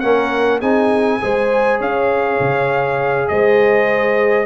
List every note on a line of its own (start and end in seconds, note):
0.00 0.62 A#3
0.00 0.62 C#4
0.00 0.60 A#4
0.00 0.59 F#5
0.60 1.21 C4
0.60 1.21 D#4
0.60 1.19 G#4
0.60 1.80 G#5
1.21 1.80 G#3
1.21 4.46 G#4
1.21 1.79 C5
1.79 2.40 C#4
1.79 3.28 C#5
1.79 3.28 F5
2.40 3.29 C#3
3.28 4.46 G#3
3.28 4.46 C5
3.28 4.46 D#5